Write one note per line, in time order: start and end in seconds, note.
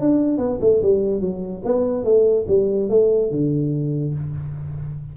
0.00 0.37 D4
0.37 0.58 B3
0.60 0.81 A3
0.82 1.20 G3
1.20 1.62 F#3
1.65 2.04 B3
2.04 2.46 A3
2.48 2.89 G3
2.89 3.31 A3
3.31 4.14 D3